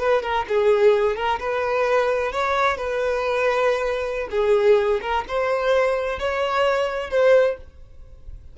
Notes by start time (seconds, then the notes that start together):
0.00 B4
0.23 A#4
0.49 G#4
1.16 A#4
1.40 B4
2.32 C#5
2.77 B4
4.31 G#4
5.02 A#4
5.28 C5
6.19 C#5
7.11 C5